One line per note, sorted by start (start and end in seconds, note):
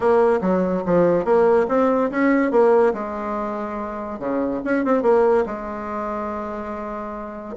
0.00 0.39 A#3
0.41 0.83 F#3
0.85 1.24 F3
1.24 1.66 A#3
1.68 2.10 C4
2.10 2.51 C#4
2.51 2.93 A#3
2.93 4.19 G#3
4.19 4.61 C#3
4.64 4.85 C#4
4.85 5.02 C4
5.02 5.44 A#3
5.46 7.55 G#3